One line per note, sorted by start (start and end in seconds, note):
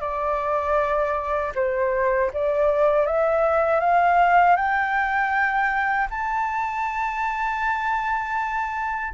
0.00 1.52 D5
1.55 2.31 C5
2.33 3.06 D5
3.06 3.80 E5
3.80 4.56 F5
4.56 6.08 G5
6.10 9.14 A5